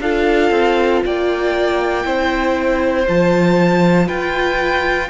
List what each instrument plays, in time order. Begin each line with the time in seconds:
0.00 cello D4, viola F4, violin A4 F5
0.50 cello C4
1.05 cello A#3, violin D5 G5
2.04 cello C4, viola E4, violin C5
3.07 cello F3, viola F4, violin A5
4.06 cello F4, violin B4 G5